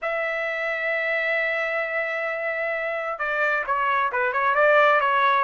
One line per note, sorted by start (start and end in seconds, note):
0.01 3.18 E5
3.18 3.64 D5
3.66 4.11 C#5
4.12 4.32 B4
4.32 4.54 C#5
4.54 5.00 D5
5.00 5.44 C#5